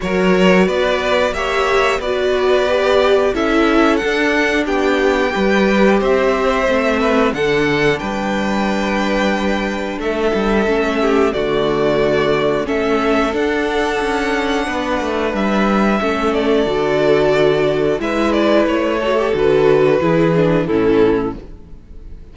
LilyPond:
<<
  \new Staff \with { instrumentName = "violin" } { \time 4/4 \tempo 4 = 90 cis''4 d''4 e''4 d''4~ | d''4 e''4 fis''4 g''4~ | g''4 e''2 fis''4 | g''2. e''4~ |
e''4 d''2 e''4 | fis''2. e''4~ | e''8 d''2~ d''8 e''8 d''8 | cis''4 b'2 a'4 | }
  \new Staff \with { instrumentName = "violin" } { \time 4/4 ais'4 b'4 cis''4 b'4~ | b'4 a'2 g'4 | b'4 c''4. b'8 a'4 | b'2. a'4~ |
a'8 g'8 fis'2 a'4~ | a'2 b'2 | a'2. b'4~ | b'8 a'4. gis'4 e'4 | }
  \new Staff \with { instrumentName = "viola" } { \time 4/4 fis'2 g'4 fis'4 | g'4 e'4 d'2 | g'2 c'4 d'4~ | d'1 |
cis'4 a2 cis'4 | d'1 | cis'4 fis'2 e'4~ | e'8 fis'16 g'16 fis'4 e'8 d'8 cis'4 | }
  \new Staff \with { instrumentName = "cello" } { \time 4/4 fis4 b4 ais4 b4~ | b4 cis'4 d'4 b4 | g4 c'4 a4 d4 | g2. a8 g8 |
a4 d2 a4 | d'4 cis'4 b8 a8 g4 | a4 d2 gis4 | a4 d4 e4 a,4 | }
>>